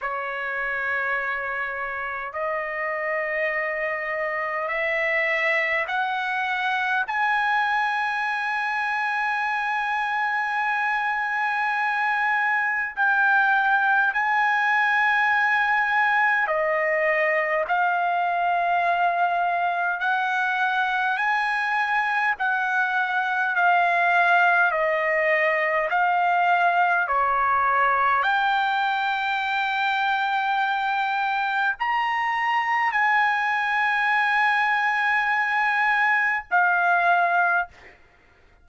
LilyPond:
\new Staff \with { instrumentName = "trumpet" } { \time 4/4 \tempo 4 = 51 cis''2 dis''2 | e''4 fis''4 gis''2~ | gis''2. g''4 | gis''2 dis''4 f''4~ |
f''4 fis''4 gis''4 fis''4 | f''4 dis''4 f''4 cis''4 | g''2. ais''4 | gis''2. f''4 | }